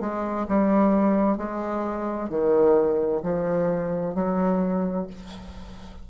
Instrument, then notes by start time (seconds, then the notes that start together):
bassoon
0.00 G#3
0.48 G3
1.37 G#3
2.30 D#3
3.23 F3
4.15 F#3